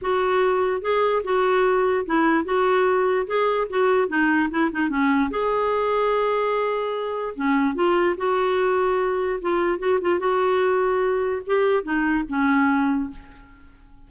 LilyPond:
\new Staff \with { instrumentName = "clarinet" } { \time 4/4 \tempo 4 = 147 fis'2 gis'4 fis'4~ | fis'4 e'4 fis'2 | gis'4 fis'4 dis'4 e'8 dis'8 | cis'4 gis'2.~ |
gis'2 cis'4 f'4 | fis'2. f'4 | fis'8 f'8 fis'2. | g'4 dis'4 cis'2 | }